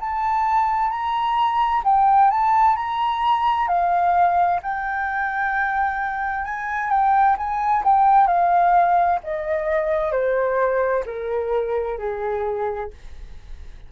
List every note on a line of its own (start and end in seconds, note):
0.00 0.90 A5
0.90 1.82 A#5
1.84 2.30 G5
2.30 2.76 A5
2.76 3.68 A#5
3.68 4.60 F5
4.63 6.44 G5
6.44 6.90 G#5
6.90 7.36 G5
7.37 7.83 G#5
7.84 8.27 G5
8.27 9.19 F5
9.23 10.12 D#5
10.12 11.04 C5
11.06 11.98 A#4
11.98 12.91 G#4